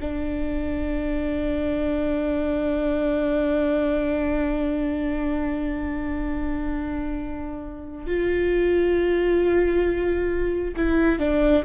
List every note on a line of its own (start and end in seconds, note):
0.00 8.06 D4
8.06 10.75 F4
10.76 11.19 E4
11.19 11.64 D4